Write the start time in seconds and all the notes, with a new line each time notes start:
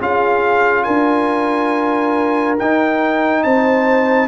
0.00 C#4 F4 G#4 F5
0.83 D4 A#4 G#5
2.59 D#4 G5
3.43 C4 C5 A5